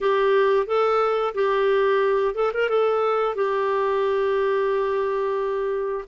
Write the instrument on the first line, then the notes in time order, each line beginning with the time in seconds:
clarinet
0.00 G4
0.66 A4
1.34 G4
2.34 A4
2.53 A#4
2.69 A4
3.35 G4